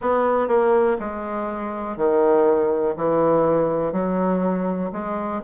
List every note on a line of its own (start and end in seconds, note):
0.00 0.48 B3
0.48 0.97 A#3
0.99 1.97 G#3
1.97 2.95 D#3
2.96 3.92 E3
3.92 4.90 F#3
4.92 5.41 G#3